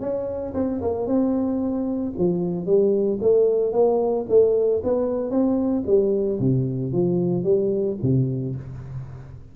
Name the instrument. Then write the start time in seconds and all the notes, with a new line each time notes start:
tuba
0.00 C#4
0.54 C4
0.81 A#3
1.06 C4
2.17 F3
2.66 G3
3.21 A3
3.72 A#3
4.29 A3
4.83 B3
5.30 C4
5.86 G3
6.39 C3
6.92 F3
7.43 G3
8.02 C3